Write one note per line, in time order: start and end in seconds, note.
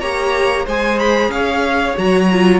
0.00 0.66 A#3
0.00 0.67 G4
0.00 0.66 C#5
0.00 0.65 A#5
0.66 1.29 G#3
0.66 1.96 G#4
0.66 1.31 C5
0.66 0.99 G#5
0.99 1.31 B5
1.29 1.94 C#4
1.29 2.60 C#5
1.29 1.97 F5
1.96 2.60 F#3
1.96 2.29 F#4
1.96 2.60 A#5
2.32 2.60 F4